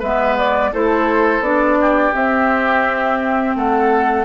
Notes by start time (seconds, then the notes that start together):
0.00 G#3 B3 B4 E5
0.38 D5
0.73 A3 E4 A4 C5
1.41 B3 D4 D5
1.81 G4
2.14 C4 E5
3.56 A3 A4 F#5